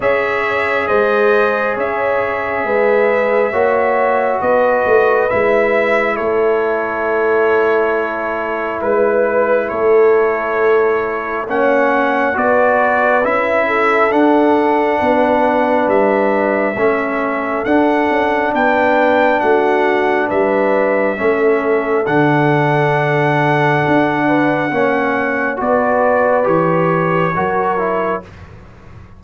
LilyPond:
<<
  \new Staff \with { instrumentName = "trumpet" } { \time 4/4 \tempo 4 = 68 e''4 dis''4 e''2~ | e''4 dis''4 e''4 cis''4~ | cis''2 b'4 cis''4~ | cis''4 fis''4 d''4 e''4 |
fis''2 e''2 | fis''4 g''4 fis''4 e''4~ | e''4 fis''2.~ | fis''4 d''4 cis''2 | }
  \new Staff \with { instrumentName = "horn" } { \time 4/4 cis''4 c''4 cis''4 b'4 | cis''4 b'2 a'4~ | a'2 b'4 a'4~ | a'4 cis''4 b'4. a'8~ |
a'4 b'2 a'4~ | a'4 b'4 fis'4 b'4 | a'2.~ a'8 b'8 | cis''4 b'2 ais'4 | }
  \new Staff \with { instrumentName = "trombone" } { \time 4/4 gis'1 | fis'2 e'2~ | e'1~ | e'4 cis'4 fis'4 e'4 |
d'2. cis'4 | d'1 | cis'4 d'2. | cis'4 fis'4 g'4 fis'8 e'8 | }
  \new Staff \with { instrumentName = "tuba" } { \time 4/4 cis'4 gis4 cis'4 gis4 | ais4 b8 a8 gis4 a4~ | a2 gis4 a4~ | a4 ais4 b4 cis'4 |
d'4 b4 g4 a4 | d'8 cis'8 b4 a4 g4 | a4 d2 d'4 | ais4 b4 e4 fis4 | }
>>